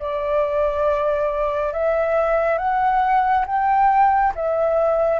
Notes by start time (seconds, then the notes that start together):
0.00 D5
1.73 E5
2.58 F#5
3.47 G5
4.36 E5